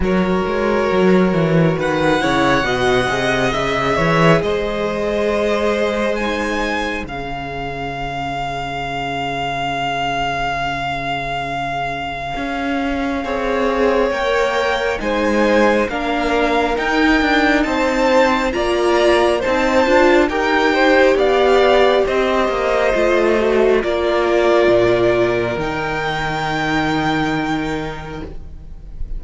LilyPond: <<
  \new Staff \with { instrumentName = "violin" } { \time 4/4 \tempo 4 = 68 cis''2 fis''2 | e''4 dis''2 gis''4 | f''1~ | f''1 |
g''4 gis''4 f''4 g''4 | a''4 ais''4 a''4 g''4 | f''4 dis''2 d''4~ | d''4 g''2. | }
  \new Staff \with { instrumentName = "violin" } { \time 4/4 ais'2 b'8 cis''8 dis''4~ | dis''8 cis''8 c''2. | gis'1~ | gis'2. cis''4~ |
cis''4 c''4 ais'2 | c''4 d''4 c''4 ais'8 c''8 | d''4 c''2 ais'4~ | ais'1 | }
  \new Staff \with { instrumentName = "viola" } { \time 4/4 fis'2~ fis'8 e'8 fis'8 gis'8~ | gis'2. dis'4 | cis'1~ | cis'2. gis'4 |
ais'4 dis'4 d'4 dis'4~ | dis'4 f'4 dis'8 f'8 g'4~ | g'2 f'8 fis'8 f'4~ | f'4 dis'2. | }
  \new Staff \with { instrumentName = "cello" } { \time 4/4 fis8 gis8 fis8 e8 dis8 cis8 b,8 c8 | cis8 e8 gis2. | cis1~ | cis2 cis'4 c'4 |
ais4 gis4 ais4 dis'8 d'8 | c'4 ais4 c'8 d'8 dis'4 | b4 c'8 ais8 a4 ais4 | ais,4 dis2. | }
>>